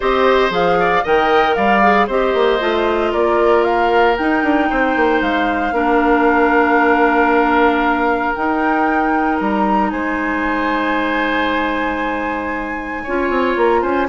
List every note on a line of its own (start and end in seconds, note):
0.00 0.50 C4
0.00 0.49 G4
0.00 0.78 C5
0.00 0.52 D#5
0.49 1.02 F3
0.49 1.02 G#4
0.49 1.05 F5
0.79 1.03 D5
1.03 1.57 D#3
1.03 1.82 A#4
1.03 1.55 D#5
1.03 1.54 G5
1.54 2.08 G3
1.54 2.07 D5
1.54 2.07 F5
1.82 2.08 G#4
2.07 2.34 C4
2.07 2.59 G4
2.07 3.11 C5
2.07 3.13 D#5
2.34 2.60 A#3
2.59 3.12 A3
2.59 4.16 F4
3.11 4.18 A#3
3.11 4.68 A#4
3.11 3.63 D5
3.63 4.16 F5
4.17 4.42 D#4
4.17 5.73 D#4
4.17 5.21 G5
4.42 4.68 D4
4.70 4.96 C4
4.70 5.74 C5
4.96 5.21 A#3
5.21 5.72 G#3
5.21 8.34 F5
5.72 8.32 A#3
5.72 8.34 D4
5.72 9.91 A#4
8.34 13.05 D#4
8.34 9.40 D#4
8.34 9.38 G5
9.40 9.92 G3
9.40 9.90 A#5
9.90 13.05 G#3
9.90 13.03 C5
9.90 13.55 G#5
13.03 13.29 C#4
13.03 14.09 F4
13.03 13.81 C#5
13.29 13.55 C4
13.56 13.82 A#3
13.56 13.82 A#5
13.81 14.08 C#4
13.81 14.07 C5
13.81 14.08 G#5